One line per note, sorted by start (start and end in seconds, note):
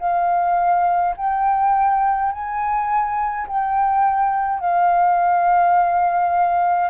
0.00 1.15 F5
1.17 2.32 G5
2.32 3.48 G#5
3.48 4.60 G5
4.60 6.90 F5